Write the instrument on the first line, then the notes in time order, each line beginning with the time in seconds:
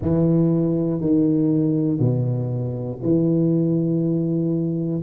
tuba
0.01 E3
1.00 D#3
1.99 B2
3.02 E3